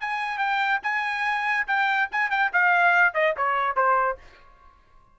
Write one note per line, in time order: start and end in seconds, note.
0.00 0.38 G#5
0.38 0.80 G5
0.82 1.66 G#5
1.67 2.09 G5
2.11 2.30 G#5
2.30 2.51 G5
2.52 3.13 F5
3.13 3.34 D#5
3.36 3.76 C#5
3.76 4.17 C5